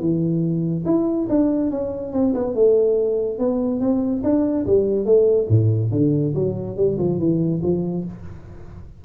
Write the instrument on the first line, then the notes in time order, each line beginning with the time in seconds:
tuba
0.00 E3
0.86 E4
1.29 D4
1.71 C#4
2.13 C4
2.34 B3
2.55 A3
3.39 B3
3.81 C4
4.24 D4
4.67 G3
5.06 A3
5.49 A2
5.92 D3
6.35 F#3
6.77 G3
6.99 F3
7.19 E3
7.63 F3